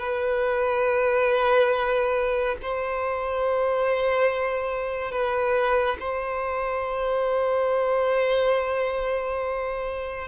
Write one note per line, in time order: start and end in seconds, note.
0.00 2.57 B4
2.63 5.12 C5
5.12 5.98 B4
6.00 10.29 C5